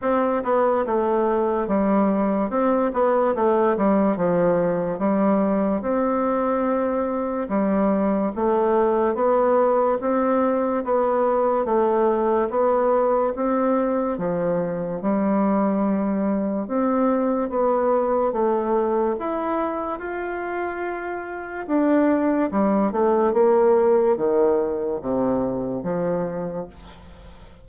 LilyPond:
\new Staff \with { instrumentName = "bassoon" } { \time 4/4 \tempo 4 = 72 c'8 b8 a4 g4 c'8 b8 | a8 g8 f4 g4 c'4~ | c'4 g4 a4 b4 | c'4 b4 a4 b4 |
c'4 f4 g2 | c'4 b4 a4 e'4 | f'2 d'4 g8 a8 | ais4 dis4 c4 f4 | }